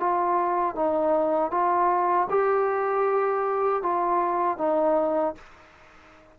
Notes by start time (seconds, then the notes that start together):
0.00 F4
0.76 D#4
1.51 F4
2.30 G4
3.83 F4
4.58 D#4